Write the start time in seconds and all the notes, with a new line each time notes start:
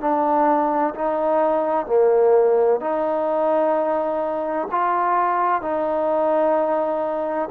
0.00 D4
0.95 D#4
1.86 A#3
2.80 D#4
4.71 F4
5.62 D#4